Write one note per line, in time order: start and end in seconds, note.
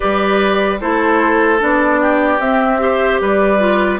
0.00 0.82 G3
0.00 0.80 G4
0.00 0.80 B4
0.00 0.79 D5
0.80 1.62 A3
0.80 1.59 E4
0.80 2.00 A4
0.80 1.60 C5
1.59 2.39 B3
1.59 2.39 D4
1.59 2.40 D5
2.00 2.80 G4
2.39 3.19 C4
2.39 2.79 C4
2.39 3.20 E5
2.79 3.59 G4
2.79 3.21 C5
3.21 4.00 G3
3.21 4.00 B4
3.21 4.00 D5
3.59 3.99 F4